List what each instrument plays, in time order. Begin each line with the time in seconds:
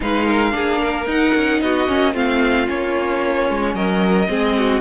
0.00 cello G#3, viola D#4, violin B4 F5
0.26 violin A#4
0.51 cello A#3, viola D4, violin G#4
0.80 violin A#4
1.05 cello D#4, viola D#4, violin F#5
1.35 cello C#4
1.61 cello B3, violin F#4 D#5
1.87 cello A#3, viola C#4
2.13 cello A3, viola C4, violin F4 F5
2.66 cello A#3, viola C#4, violin C#5
3.49 cello G#3
3.74 cello F#3, violin A#4 D#5
4.28 cello G#3, viola C4, violin G#4
4.57 violin F#4